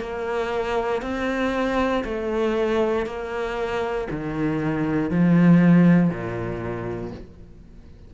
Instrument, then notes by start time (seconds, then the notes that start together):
cello
0.00 A#3
1.02 C4
2.04 A3
3.06 A#3
4.10 D#3
5.10 F3
6.09 A#2